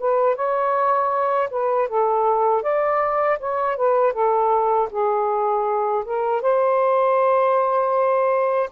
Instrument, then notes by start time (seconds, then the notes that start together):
saxophone
0.00 B4
0.36 C#5
1.51 B4
1.88 A4
2.62 D5
3.40 C#5
3.77 B4
4.13 A4
4.91 G#4
6.05 A#4
6.42 C5